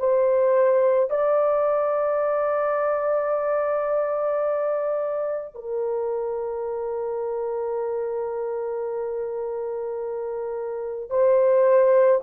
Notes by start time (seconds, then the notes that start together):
0.00 C5
1.11 D5
5.56 A#4
11.11 C5